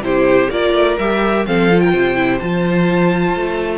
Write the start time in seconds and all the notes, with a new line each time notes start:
0.00 C3 E4 G4 C5
0.50 A#3 F4 A#4 D5
0.73 A3
0.98 G3 G4 E5
1.46 F3 C4 A4 F5
1.69 F4
1.79 A#4 G5
1.91 C3 C5
2.15 E4
2.39 F3 F4 A5
3.35 A3